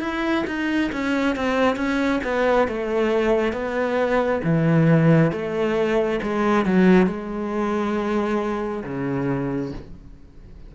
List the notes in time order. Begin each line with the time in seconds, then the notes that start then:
0.00 E4
0.47 D#4
0.92 C#4
1.36 C4
1.76 C#4
2.23 B3
2.68 A3
3.53 B3
4.44 E3
5.31 A3
6.22 G#3
6.65 F#3
7.06 G#3
8.84 C#3